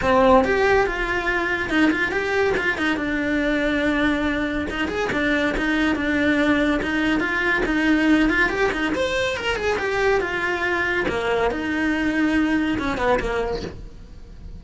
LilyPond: \new Staff \with { instrumentName = "cello" } { \time 4/4 \tempo 4 = 141 c'4 g'4 f'2 | dis'8 f'8 g'4 f'8 dis'8 d'4~ | d'2. dis'8 gis'8 | d'4 dis'4 d'2 |
dis'4 f'4 dis'4. f'8 | g'8 dis'8 c''4 ais'8 gis'8 g'4 | f'2 ais4 dis'4~ | dis'2 cis'8 b8 ais4 | }